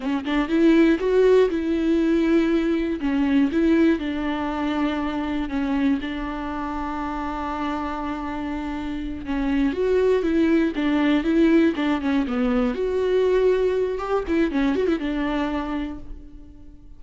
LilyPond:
\new Staff \with { instrumentName = "viola" } { \time 4/4 \tempo 4 = 120 cis'8 d'8 e'4 fis'4 e'4~ | e'2 cis'4 e'4 | d'2. cis'4 | d'1~ |
d'2~ d'8 cis'4 fis'8~ | fis'8 e'4 d'4 e'4 d'8 | cis'8 b4 fis'2~ fis'8 | g'8 e'8 cis'8 fis'16 e'16 d'2 | }